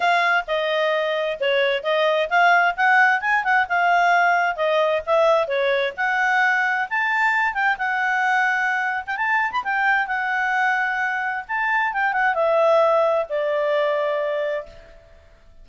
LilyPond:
\new Staff \with { instrumentName = "clarinet" } { \time 4/4 \tempo 4 = 131 f''4 dis''2 cis''4 | dis''4 f''4 fis''4 gis''8 fis''8 | f''2 dis''4 e''4 | cis''4 fis''2 a''4~ |
a''8 g''8 fis''2~ fis''8. g''16 | a''8. b''16 g''4 fis''2~ | fis''4 a''4 g''8 fis''8 e''4~ | e''4 d''2. | }